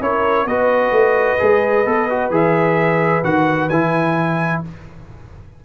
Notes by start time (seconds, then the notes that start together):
0.00 C#4 E4 A#4 C#5
0.45 B3 F#4 B4 D#5
0.91 A3
1.38 G#3 G#4
1.85 B3 A4
2.09 F#4
2.30 E3 G#4 E5
3.23 D#3 F#4 F#5
3.69 E3 E4 G#5